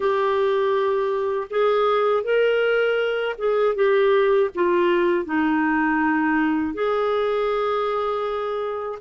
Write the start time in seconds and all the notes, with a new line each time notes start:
0.00 G4
1.50 G#4
2.23 A#4
3.38 G#4
3.75 G4
4.54 F4
5.25 D#4
6.74 G#4